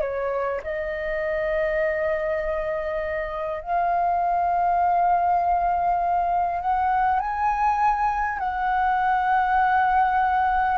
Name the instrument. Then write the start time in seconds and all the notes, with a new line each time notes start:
flute
0.00 C#5
0.63 D#5
3.61 F5
6.60 F#5
7.19 G#5
8.38 F#5